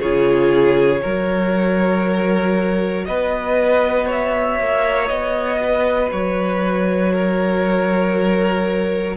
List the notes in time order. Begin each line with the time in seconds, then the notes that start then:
0.00 C#3 F4 G#4 C#5
1.01 F#3 F#4 A#4
3.06 B3 B4 D#5
4.06 C#5 E5
4.60 A#3
5.08 B3 D#5
5.63 B4
6.12 F#3 C#5
7.13 A#4